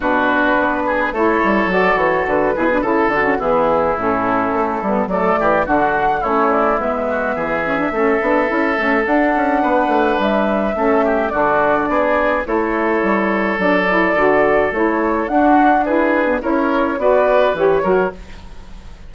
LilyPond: <<
  \new Staff \with { instrumentName = "flute" } { \time 4/4 \tempo 4 = 106 b'2 cis''4 d''8 cis''8 | b'4 a'8 fis'8 gis'4 a'4~ | a'4 d''4 fis''4 cis''8 d''8 | e''1 |
fis''2 e''2 | d''2 cis''2 | d''2 cis''4 fis''4 | b'4 cis''4 d''4 cis''4 | }
  \new Staff \with { instrumentName = "oboe" } { \time 4/4 fis'4. gis'8 a'2~ | a'8 gis'8 a'4 e'2~ | e'4 a'8 g'8 fis'4 e'4~ | e'8 fis'8 gis'4 a'2~ |
a'4 b'2 a'8 g'8 | fis'4 gis'4 a'2~ | a'2. fis'4 | gis'4 ais'4 b'4. ais'8 | }
  \new Staff \with { instrumentName = "saxophone" } { \time 4/4 d'2 e'4 fis'4~ | fis'8 e'16 d'16 e'8 d'16 cis'16 b4 cis'4~ | cis'8 b8 a4 d'4 cis'4 | b4. cis'16 d'16 cis'8 d'8 e'8 cis'8 |
d'2. cis'4 | d'2 e'2 | d'8 e'8 fis'4 e'4 d'4 | e'8. b16 e'4 fis'4 g'8 fis'8 | }
  \new Staff \with { instrumentName = "bassoon" } { \time 4/4 b,4 b4 a8 g8 fis8 e8 | d8 b,8 cis8 d8 e4 a,4 | a8 g8 fis8 e8 d4 a4 | gis4 e4 a8 b8 cis'8 a8 |
d'8 cis'8 b8 a8 g4 a4 | d4 b4 a4 g4 | fis4 d4 a4 d'4~ | d'4 cis'4 b4 e8 fis8 | }
>>